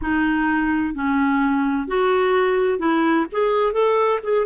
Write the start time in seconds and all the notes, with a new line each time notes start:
0.01 D#4
0.94 C#4
1.87 F#4
2.79 E4
3.32 G#4
3.72 A4
4.23 G#4